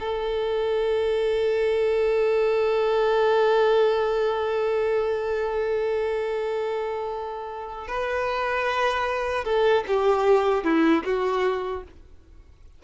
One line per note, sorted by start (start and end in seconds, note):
0.00 7.88 A4
7.88 9.45 B4
9.45 9.84 A4
9.88 10.65 G4
10.65 11.04 E4
11.05 11.84 F#4